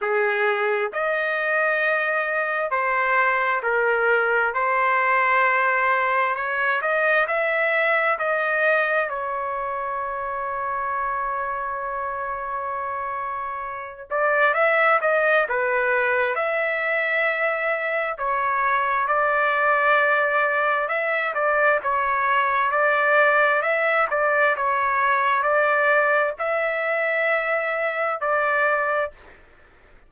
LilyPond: \new Staff \with { instrumentName = "trumpet" } { \time 4/4 \tempo 4 = 66 gis'4 dis''2 c''4 | ais'4 c''2 cis''8 dis''8 | e''4 dis''4 cis''2~ | cis''2.~ cis''8 d''8 |
e''8 dis''8 b'4 e''2 | cis''4 d''2 e''8 d''8 | cis''4 d''4 e''8 d''8 cis''4 | d''4 e''2 d''4 | }